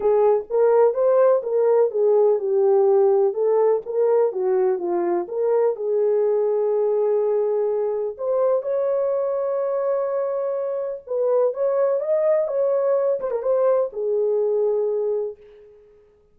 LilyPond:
\new Staff \with { instrumentName = "horn" } { \time 4/4 \tempo 4 = 125 gis'4 ais'4 c''4 ais'4 | gis'4 g'2 a'4 | ais'4 fis'4 f'4 ais'4 | gis'1~ |
gis'4 c''4 cis''2~ | cis''2. b'4 | cis''4 dis''4 cis''4. c''16 ais'16 | c''4 gis'2. | }